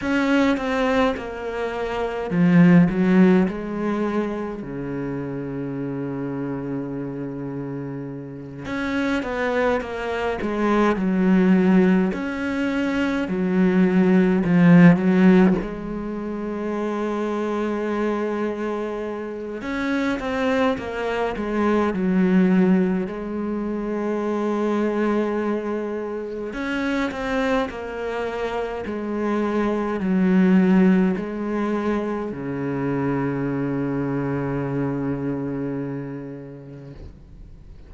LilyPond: \new Staff \with { instrumentName = "cello" } { \time 4/4 \tempo 4 = 52 cis'8 c'8 ais4 f8 fis8 gis4 | cis2.~ cis8 cis'8 | b8 ais8 gis8 fis4 cis'4 fis8~ | fis8 f8 fis8 gis2~ gis8~ |
gis4 cis'8 c'8 ais8 gis8 fis4 | gis2. cis'8 c'8 | ais4 gis4 fis4 gis4 | cis1 | }